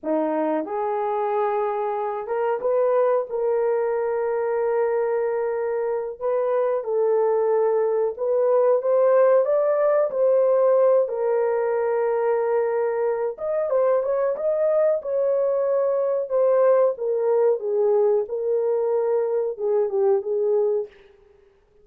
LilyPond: \new Staff \with { instrumentName = "horn" } { \time 4/4 \tempo 4 = 92 dis'4 gis'2~ gis'8 ais'8 | b'4 ais'2.~ | ais'4. b'4 a'4.~ | a'8 b'4 c''4 d''4 c''8~ |
c''4 ais'2.~ | ais'8 dis''8 c''8 cis''8 dis''4 cis''4~ | cis''4 c''4 ais'4 gis'4 | ais'2 gis'8 g'8 gis'4 | }